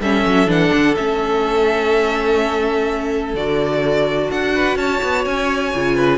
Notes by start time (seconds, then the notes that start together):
0.00 G3 C#4 A4 E5
0.26 F#3
0.47 E3 D4 F#5
0.73 D3
0.95 A3 C#4 E5
3.34 D3 F#4 D5
4.31 D4 F#5
4.54 B4
4.76 C#4 C#5 A5
5.02 B3
5.25 C#4 G#5
5.75 C#3 F4
5.95 B4